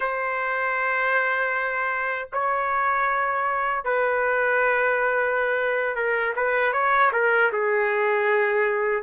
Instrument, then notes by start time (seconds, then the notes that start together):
trumpet
0.00 C5
2.33 C#5
3.84 B4
5.95 A#4
6.35 B4
6.72 C#5
7.12 A#4
7.52 G#4